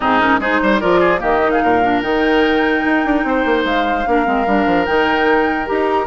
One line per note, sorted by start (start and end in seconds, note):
0.00 0.39 G#2
0.00 0.19 C4
0.00 0.40 D#4
0.00 0.20 G#4
0.19 0.40 C#4
0.19 0.41 A#4
0.39 0.59 G#3
0.39 0.81 D#4
0.39 0.60 G#4
0.39 0.80 C5
0.62 0.82 G3
0.62 0.80 C5
0.80 1.22 F3
0.80 1.19 F4
0.80 0.99 A#4
0.80 1.20 D5
0.99 1.20 G#4
1.19 1.62 D#3
1.19 1.39 A#3
1.19 1.51 G4
1.19 1.51 D#5
1.42 1.82 D#4
1.51 1.63 G#4
1.51 2.01 F5
1.63 2.02 A#2
1.63 3.25 A#4
1.82 2.02 D4
2.02 2.83 D#3
2.02 4.05 D#4
2.02 3.64 G5
2.85 3.05 D#4
3.05 3.24 D4
3.24 3.44 C4
3.24 4.08 C5
3.45 3.64 A#3
3.64 4.05 G#3
3.64 4.85 F5
4.06 4.26 A#3
4.06 4.25 D4
4.06 6.07 A#4
4.25 4.46 G#3
4.25 4.45 C4
4.46 4.66 G3
4.46 4.86 D4
4.66 4.86 F3
4.85 5.69 D#3
4.85 5.65 D#4
4.85 5.66 G5
5.65 6.07 D#4
5.65 6.06 G4
5.65 6.07 A#5